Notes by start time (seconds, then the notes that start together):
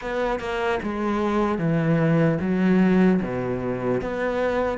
0.01 B3
0.39 A#3
0.83 G#3
1.58 E3
2.40 F#3
3.22 B2
4.01 B3